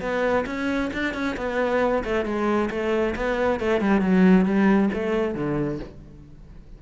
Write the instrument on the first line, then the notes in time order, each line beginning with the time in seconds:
cello
0.00 B3
0.46 C#4
0.93 D4
1.14 C#4
1.37 B3
2.03 A3
2.25 G#3
2.70 A3
3.15 B3
3.59 A3
3.80 G3
4.00 F#3
4.45 G3
4.93 A3
5.34 D3